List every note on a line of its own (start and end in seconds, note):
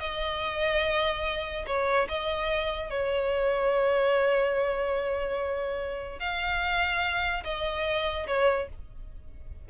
0.00 1.66 D#5
1.66 2.08 C#5
2.08 2.90 D#5
2.90 6.19 C#5
6.19 7.44 F5
7.44 8.27 D#5
8.27 8.69 C#5